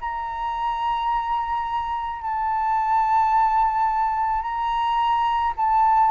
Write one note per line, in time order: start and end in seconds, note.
0.00 2.22 A#5
2.22 4.42 A5
4.42 5.53 A#5
5.57 6.11 A5